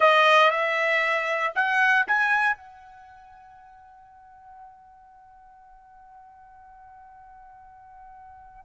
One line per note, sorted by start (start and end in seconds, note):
0.00 0.51 D#5
0.51 1.52 E5
1.55 2.06 F#5
2.07 2.56 G#5
2.56 8.65 F#5